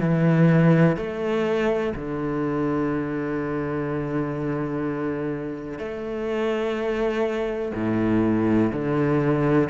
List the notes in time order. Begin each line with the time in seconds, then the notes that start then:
0.00 E3
0.97 A3
1.96 D3
5.79 A3
7.75 A2
8.73 D3